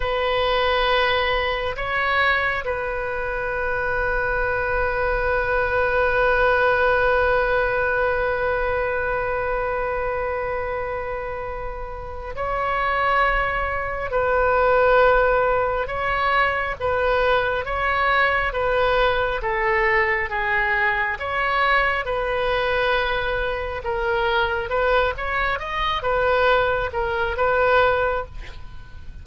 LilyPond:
\new Staff \with { instrumentName = "oboe" } { \time 4/4 \tempo 4 = 68 b'2 cis''4 b'4~ | b'1~ | b'1~ | b'2 cis''2 |
b'2 cis''4 b'4 | cis''4 b'4 a'4 gis'4 | cis''4 b'2 ais'4 | b'8 cis''8 dis''8 b'4 ais'8 b'4 | }